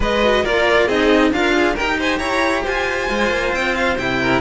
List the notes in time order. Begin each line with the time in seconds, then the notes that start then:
0.00 G#3 G#4 B4 D#5
0.23 F#4
0.43 A#3 F4 A#4 D5
0.86 C4 D#4 G#4 D#5
1.31 D4 F4 A#4 F5
1.52 G#4
1.74 D#4 G4 A#4 G5
1.99 C5 G#5
2.18 E4 C#5 A#5
2.63 F4 C5 G#5
3.08 G#3 F4
3.30 A#3
3.52 C4 G5
3.75 F5
3.98 C3 E4 G5
4.20 A#4